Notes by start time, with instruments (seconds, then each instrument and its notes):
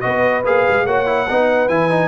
0.00 tuba B3, trombone F#4, horn B4, trumpet D#5
0.45 tuba A#3, trombone G#4, trumpet F5
0.68 tuba G#3
0.85 tuba A#3, trombone F#4, horn C#5, trumpet F#5
1.05 trombone E4
1.28 tuba B3, trombone D#4, horn B4
1.68 tuba E3, trombone E4, trumpet G#5
1.90 trombone D#4